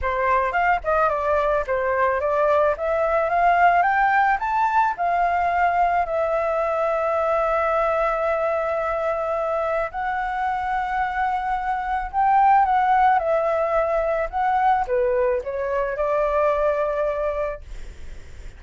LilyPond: \new Staff \with { instrumentName = "flute" } { \time 4/4 \tempo 4 = 109 c''4 f''8 dis''8 d''4 c''4 | d''4 e''4 f''4 g''4 | a''4 f''2 e''4~ | e''1~ |
e''2 fis''2~ | fis''2 g''4 fis''4 | e''2 fis''4 b'4 | cis''4 d''2. | }